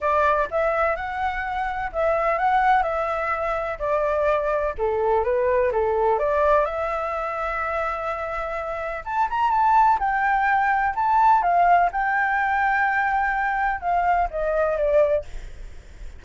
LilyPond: \new Staff \with { instrumentName = "flute" } { \time 4/4 \tempo 4 = 126 d''4 e''4 fis''2 | e''4 fis''4 e''2 | d''2 a'4 b'4 | a'4 d''4 e''2~ |
e''2. a''8 ais''8 | a''4 g''2 a''4 | f''4 g''2.~ | g''4 f''4 dis''4 d''4 | }